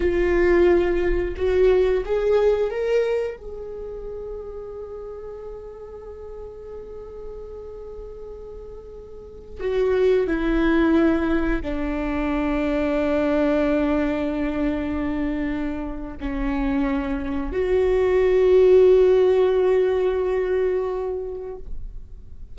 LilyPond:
\new Staff \with { instrumentName = "viola" } { \time 4/4 \tempo 4 = 89 f'2 fis'4 gis'4 | ais'4 gis'2.~ | gis'1~ | gis'2~ gis'16 fis'4 e'8.~ |
e'4~ e'16 d'2~ d'8.~ | d'1 | cis'2 fis'2~ | fis'1 | }